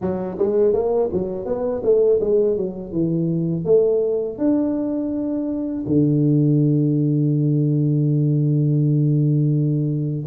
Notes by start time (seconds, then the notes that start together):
0.01 F#3
0.38 G#3
0.73 A#3
1.12 F#3
1.45 B3
1.83 A3
2.20 G#3
2.56 F#3
2.92 E3
3.65 A3
4.38 D4
5.86 D3